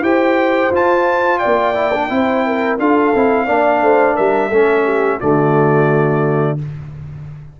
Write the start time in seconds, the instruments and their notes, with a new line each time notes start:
0.00 tuba E4, trombone G4, horn C5, trumpet G5
0.71 tuba F4, trombone F4, trumpet A5
1.38 horn D5, trumpet G5
1.45 tuba A#3
1.74 trombone E4
1.93 trombone D4
2.09 tuba C4, trombone E4, horn C5
2.46 horn A#4
2.78 tuba D4, trombone F4, horn A4, trumpet F5
3.14 tuba C4, trombone E4
3.45 tuba A#3, trombone D4, horn D5
3.81 tuba A3, horn C5
4.15 tuba G3, horn A#4, trumpet E5
4.48 tuba A3, trombone C#4, horn A4
4.84 horn G4
5.19 tuba D3, trombone A3, horn F#4, trumpet D5